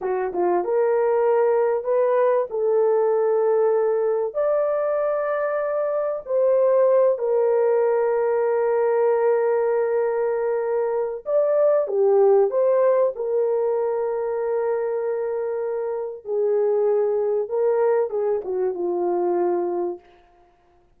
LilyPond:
\new Staff \with { instrumentName = "horn" } { \time 4/4 \tempo 4 = 96 fis'8 f'8 ais'2 b'4 | a'2. d''4~ | d''2 c''4. ais'8~ | ais'1~ |
ais'2 d''4 g'4 | c''4 ais'2.~ | ais'2 gis'2 | ais'4 gis'8 fis'8 f'2 | }